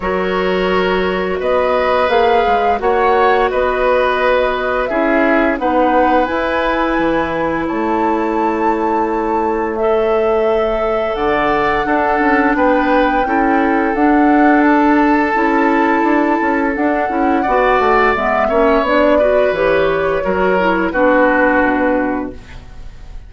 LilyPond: <<
  \new Staff \with { instrumentName = "flute" } { \time 4/4 \tempo 4 = 86 cis''2 dis''4 f''4 | fis''4 dis''2 e''4 | fis''4 gis''2 a''4~ | a''2 e''2 |
fis''2 g''2 | fis''4 a''2. | fis''2 e''4 d''4 | cis''2 b'2 | }
  \new Staff \with { instrumentName = "oboe" } { \time 4/4 ais'2 b'2 | cis''4 b'2 gis'4 | b'2. cis''4~ | cis''1 |
d''4 a'4 b'4 a'4~ | a'1~ | a'4 d''4. cis''4 b'8~ | b'4 ais'4 fis'2 | }
  \new Staff \with { instrumentName = "clarinet" } { \time 4/4 fis'2. gis'4 | fis'2. e'4 | dis'4 e'2.~ | e'2 a'2~ |
a'4 d'2 e'4 | d'2 e'2 | d'8 e'8 fis'4 b8 cis'8 d'8 fis'8 | g'4 fis'8 e'8 d'2 | }
  \new Staff \with { instrumentName = "bassoon" } { \time 4/4 fis2 b4 ais8 gis8 | ais4 b2 cis'4 | b4 e'4 e4 a4~ | a1 |
d4 d'8 cis'8 b4 cis'4 | d'2 cis'4 d'8 cis'8 | d'8 cis'8 b8 a8 gis8 ais8 b4 | e4 fis4 b4 b,4 | }
>>